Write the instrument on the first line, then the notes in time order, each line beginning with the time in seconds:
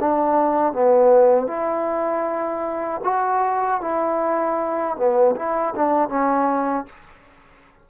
trombone
0.00 D4
0.73 B3
1.47 E4
3.04 F#4
3.81 E4
4.97 B3
5.36 E4
5.76 D4
6.09 C#4